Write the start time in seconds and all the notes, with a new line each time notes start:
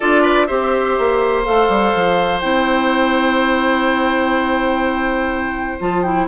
0.00 D4 F4 A4 D5
0.22 B4
0.46 C4 G4 C5 E5
0.98 A#3
1.44 A3 A4 F5
1.68 G3
1.94 F3
2.40 C4 E4 G5
5.80 F3 F4 A5
6.02 E4 G5